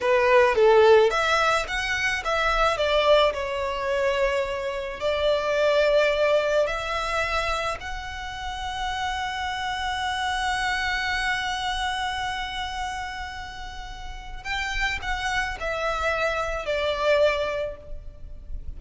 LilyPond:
\new Staff \with { instrumentName = "violin" } { \time 4/4 \tempo 4 = 108 b'4 a'4 e''4 fis''4 | e''4 d''4 cis''2~ | cis''4 d''2. | e''2 fis''2~ |
fis''1~ | fis''1~ | fis''2 g''4 fis''4 | e''2 d''2 | }